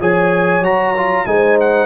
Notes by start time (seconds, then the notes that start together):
0.00 F3 G#4 C#5 G#5
0.61 F#3 F#4 A#5
0.97 F4
1.26 G#3 D#4 C5 G#5
1.61 F#5